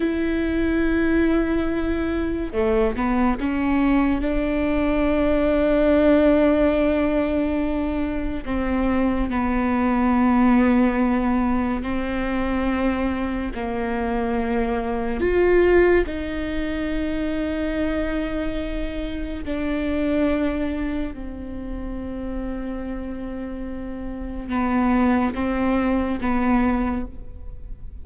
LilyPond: \new Staff \with { instrumentName = "viola" } { \time 4/4 \tempo 4 = 71 e'2. a8 b8 | cis'4 d'2.~ | d'2 c'4 b4~ | b2 c'2 |
ais2 f'4 dis'4~ | dis'2. d'4~ | d'4 c'2.~ | c'4 b4 c'4 b4 | }